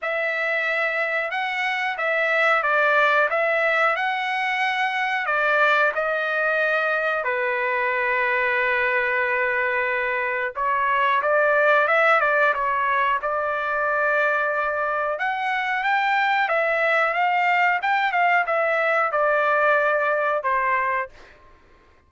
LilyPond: \new Staff \with { instrumentName = "trumpet" } { \time 4/4 \tempo 4 = 91 e''2 fis''4 e''4 | d''4 e''4 fis''2 | d''4 dis''2 b'4~ | b'1 |
cis''4 d''4 e''8 d''8 cis''4 | d''2. fis''4 | g''4 e''4 f''4 g''8 f''8 | e''4 d''2 c''4 | }